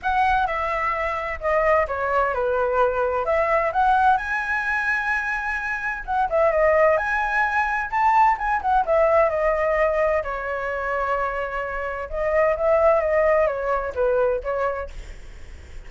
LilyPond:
\new Staff \with { instrumentName = "flute" } { \time 4/4 \tempo 4 = 129 fis''4 e''2 dis''4 | cis''4 b'2 e''4 | fis''4 gis''2.~ | gis''4 fis''8 e''8 dis''4 gis''4~ |
gis''4 a''4 gis''8 fis''8 e''4 | dis''2 cis''2~ | cis''2 dis''4 e''4 | dis''4 cis''4 b'4 cis''4 | }